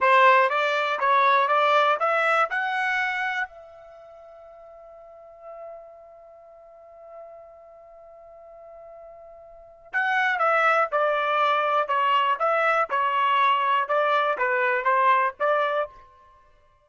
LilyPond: \new Staff \with { instrumentName = "trumpet" } { \time 4/4 \tempo 4 = 121 c''4 d''4 cis''4 d''4 | e''4 fis''2 e''4~ | e''1~ | e''1~ |
e''1 | fis''4 e''4 d''2 | cis''4 e''4 cis''2 | d''4 b'4 c''4 d''4 | }